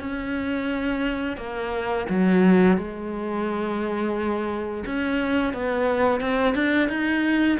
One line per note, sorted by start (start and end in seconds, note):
0.00 1.37 C#4
1.37 2.06 A#3
2.09 2.77 F#3
2.77 4.84 G#3
4.86 5.53 C#4
5.53 6.21 B3
6.21 6.54 C4
6.54 6.89 D4
6.89 7.58 D#4